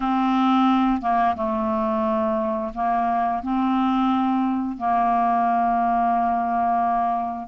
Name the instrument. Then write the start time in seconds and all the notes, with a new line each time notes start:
clarinet
0.00 C4
1.01 A#3
1.35 A3
2.74 A#3
3.42 C4
4.77 A#3